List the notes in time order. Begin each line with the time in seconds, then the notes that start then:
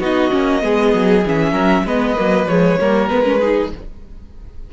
0.00 B3 D#4 F#4 D#5
0.31 A#3 C#4
0.62 G#3 B3 G#4
0.94 F#3
1.26 E3 C#4 E5
1.52 F#3 A#4
1.85 G#3 B3 B4 D#5
2.16 F#3 A#3
2.46 F3 G#3 C#5
2.81 G3 A#3 A#4
3.09 G#3 B3 B4
3.24 C#4
3.39 D#4 G#4